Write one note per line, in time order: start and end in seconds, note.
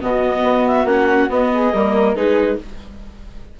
0.00 0.43 B2
0.00 0.86 B3
0.00 1.53 F#4
0.00 0.67 D#5
0.43 0.84 B3
0.67 0.86 E5
0.84 1.27 A#3
0.84 1.29 C#4
0.84 1.29 F#5
1.29 1.72 B3
1.29 1.73 B3
1.29 2.14 D#5
1.53 1.73 G#4
1.73 2.15 G3
1.73 2.16 A#3
1.73 2.16 A#4
2.14 2.58 G#3
2.14 2.59 D#4
2.14 2.59 G#4
2.14 2.58 B4